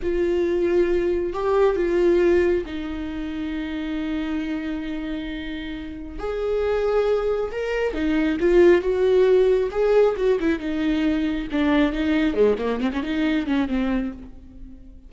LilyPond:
\new Staff \with { instrumentName = "viola" } { \time 4/4 \tempo 4 = 136 f'2. g'4 | f'2 dis'2~ | dis'1~ | dis'2 gis'2~ |
gis'4 ais'4 dis'4 f'4 | fis'2 gis'4 fis'8 e'8 | dis'2 d'4 dis'4 | gis8 ais8 c'16 cis'16 dis'4 cis'8 c'4 | }